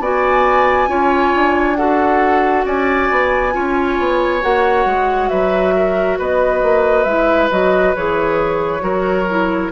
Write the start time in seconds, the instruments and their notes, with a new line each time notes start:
0.00 bassoon B3, clarinet F#4, oboe D5, flute G#5
0.88 bassoon C#4, clarinet F4, oboe C#5
1.35 bassoon D4
1.76 clarinet F#4, oboe A4, flute F#5
2.65 bassoon C#4, oboe D5, flute G#5
3.11 bassoon B3
3.53 bassoon C#4, clarinet F4, oboe C#5
3.99 bassoon B3
4.42 bassoon A#3, clarinet F#4, flute F#5
4.86 bassoon G#3
5.29 bassoon F#3, oboe B4, flute E5
5.77 oboe A#4
6.19 bassoon B3, oboe B4, flute D#5
6.63 bassoon A#3
7.04 bassoon G#3, clarinet E4, flute E5
7.51 bassoon F#3, clarinet F#4, flute D#5
7.96 bassoon E3, clarinet G#4, flute C#5
8.80 bassoon F#3, clarinet F#4, oboe A#4
9.30 clarinet E4